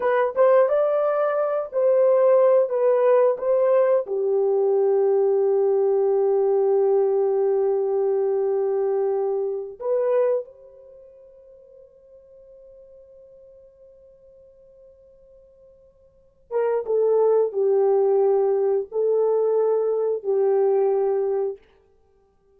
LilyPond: \new Staff \with { instrumentName = "horn" } { \time 4/4 \tempo 4 = 89 b'8 c''8 d''4. c''4. | b'4 c''4 g'2~ | g'1~ | g'2~ g'8 b'4 c''8~ |
c''1~ | c''1~ | c''8 ais'8 a'4 g'2 | a'2 g'2 | }